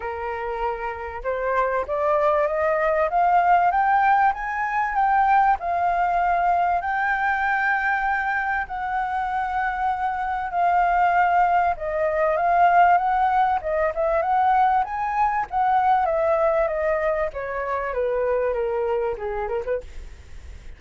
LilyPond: \new Staff \with { instrumentName = "flute" } { \time 4/4 \tempo 4 = 97 ais'2 c''4 d''4 | dis''4 f''4 g''4 gis''4 | g''4 f''2 g''4~ | g''2 fis''2~ |
fis''4 f''2 dis''4 | f''4 fis''4 dis''8 e''8 fis''4 | gis''4 fis''4 e''4 dis''4 | cis''4 b'4 ais'4 gis'8 ais'16 b'16 | }